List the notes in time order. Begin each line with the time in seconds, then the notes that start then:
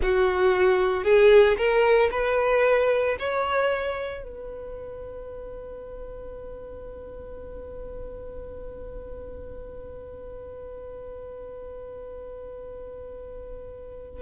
0.02 F#4
1.04 G#4
1.57 A#4
2.11 B4
3.19 C#5
4.23 B4